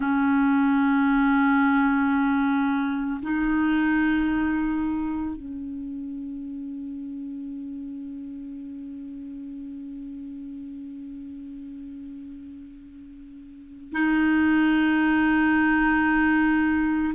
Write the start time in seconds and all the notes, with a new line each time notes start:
0.00 C#4
3.22 D#4
5.36 C#4
13.92 D#4